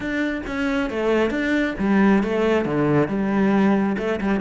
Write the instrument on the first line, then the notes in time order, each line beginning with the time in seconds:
cello
0.00 D4
0.47 C#4
0.90 A3
1.30 D4
1.78 G3
2.23 A3
2.65 D3
3.08 G3
3.97 A3
4.21 G3